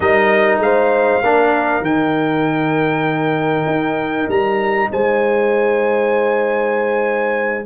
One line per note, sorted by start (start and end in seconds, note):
0.00 0.59 G3
0.00 1.22 D#4
0.00 0.62 A#4
0.00 0.58 D#5
0.59 1.20 G#3
0.59 1.23 C5
0.59 1.84 F5
1.23 1.81 A#3
1.23 1.83 D4
1.23 4.91 A#4
1.81 3.64 D#3
1.81 7.64 D#4
1.81 4.29 G5
3.66 4.27 D#4
4.28 4.89 G3
4.28 4.91 A#5
4.91 7.65 G#3
4.91 7.65 C5
4.91 7.65 G#5